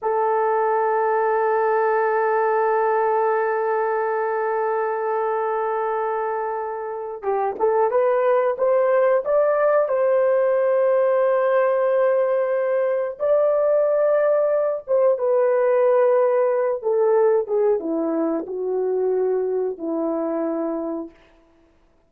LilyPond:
\new Staff \with { instrumentName = "horn" } { \time 4/4 \tempo 4 = 91 a'1~ | a'1~ | a'2. g'8 a'8 | b'4 c''4 d''4 c''4~ |
c''1 | d''2~ d''8 c''8 b'4~ | b'4. a'4 gis'8 e'4 | fis'2 e'2 | }